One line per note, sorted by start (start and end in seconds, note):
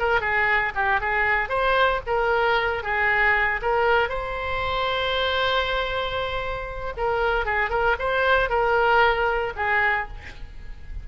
0.00 0.21 A#4
0.21 0.73 G#4
0.75 1.01 G4
1.01 1.50 G#4
1.50 2.01 C5
2.07 2.83 A#4
2.83 3.61 G#4
3.62 4.09 A#4
4.09 6.94 C5
6.98 7.46 A#4
7.46 7.70 G#4
7.70 7.96 A#4
7.99 8.50 C5
8.50 9.53 A#4
9.56 10.08 G#4